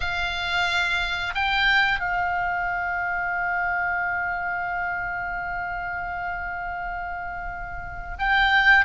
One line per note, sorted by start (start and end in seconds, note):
0.00 1.33 F5
1.34 1.99 G5
1.99 8.16 F5
8.18 8.85 G5